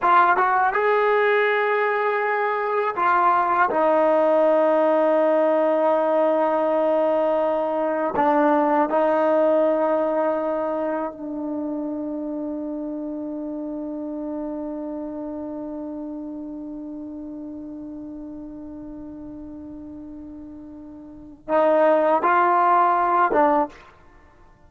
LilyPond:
\new Staff \with { instrumentName = "trombone" } { \time 4/4 \tempo 4 = 81 f'8 fis'8 gis'2. | f'4 dis'2.~ | dis'2. d'4 | dis'2. d'4~ |
d'1~ | d'1~ | d'1~ | d'4 dis'4 f'4. d'8 | }